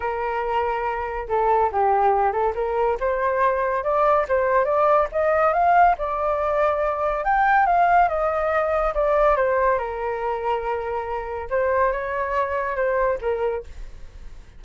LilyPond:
\new Staff \with { instrumentName = "flute" } { \time 4/4 \tempo 4 = 141 ais'2. a'4 | g'4. a'8 ais'4 c''4~ | c''4 d''4 c''4 d''4 | dis''4 f''4 d''2~ |
d''4 g''4 f''4 dis''4~ | dis''4 d''4 c''4 ais'4~ | ais'2. c''4 | cis''2 c''4 ais'4 | }